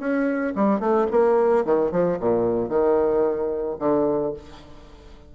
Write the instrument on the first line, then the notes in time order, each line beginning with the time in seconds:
bassoon
0.00 C#4
0.56 G3
0.80 A3
1.12 A#3
1.65 D#3
1.92 F3
2.20 A#2
2.70 D#3
3.80 D3